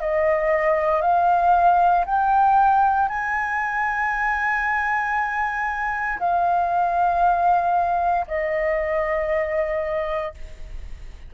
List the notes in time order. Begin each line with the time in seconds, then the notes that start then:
0.00 D#5
1.01 F5
2.05 G5
3.08 G#5
6.19 F5
8.27 D#5